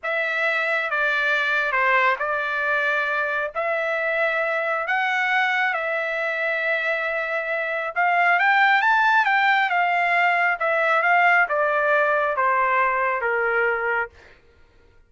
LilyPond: \new Staff \with { instrumentName = "trumpet" } { \time 4/4 \tempo 4 = 136 e''2 d''2 | c''4 d''2. | e''2. fis''4~ | fis''4 e''2.~ |
e''2 f''4 g''4 | a''4 g''4 f''2 | e''4 f''4 d''2 | c''2 ais'2 | }